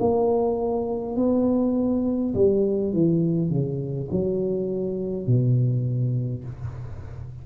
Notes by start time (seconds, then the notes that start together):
0.00 A#3
1.17 B3
2.35 G3
2.94 E3
3.50 C#3
4.12 F#3
5.27 B2